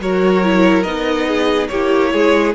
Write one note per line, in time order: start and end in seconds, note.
0.00 0.85 F#3
0.00 0.44 F#4
0.00 1.28 A#4
0.00 0.83 C#5
0.44 0.85 E4
0.83 1.69 B3
0.83 1.70 D#4
0.83 1.67 D#5
1.28 1.70 G#4
1.68 2.13 A#3
1.68 2.55 E4
1.68 2.13 G4
1.68 2.52 C#5
2.13 2.55 G#3
2.13 2.55 G#4